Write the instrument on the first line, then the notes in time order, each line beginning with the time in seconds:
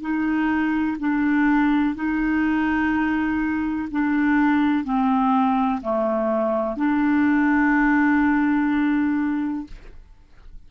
clarinet
0.00 D#4
0.99 D4
1.95 D#4
3.91 D4
4.84 C4
5.82 A3
6.77 D4